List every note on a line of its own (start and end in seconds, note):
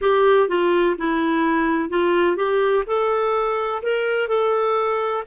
0.01 0.48 G4
0.48 0.95 F4
0.97 1.89 E4
1.89 2.36 F4
2.36 2.84 G4
2.87 3.82 A4
3.82 4.28 A#4
4.28 5.23 A4